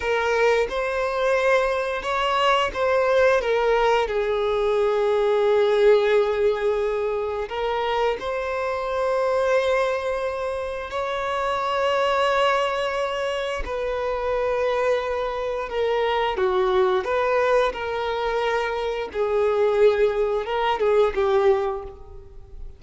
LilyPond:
\new Staff \with { instrumentName = "violin" } { \time 4/4 \tempo 4 = 88 ais'4 c''2 cis''4 | c''4 ais'4 gis'2~ | gis'2. ais'4 | c''1 |
cis''1 | b'2. ais'4 | fis'4 b'4 ais'2 | gis'2 ais'8 gis'8 g'4 | }